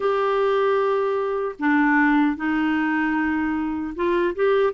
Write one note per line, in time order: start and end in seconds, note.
0.00 1.55 G4
1.59 2.36 D4
2.36 3.94 D#4
3.95 4.35 F4
4.35 4.73 G4